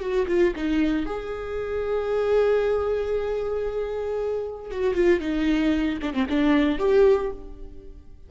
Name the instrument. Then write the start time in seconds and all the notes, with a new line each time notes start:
viola
0.00 F#4
0.28 F4
0.55 D#4
1.06 G#4
4.71 F#4
4.94 F4
5.20 D#4
6.02 D4
6.14 C4
6.29 D4
6.79 G4